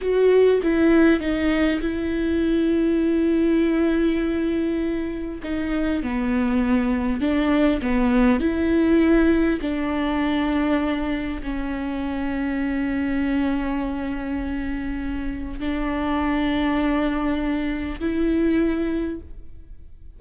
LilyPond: \new Staff \with { instrumentName = "viola" } { \time 4/4 \tempo 4 = 100 fis'4 e'4 dis'4 e'4~ | e'1~ | e'4 dis'4 b2 | d'4 b4 e'2 |
d'2. cis'4~ | cis'1~ | cis'2 d'2~ | d'2 e'2 | }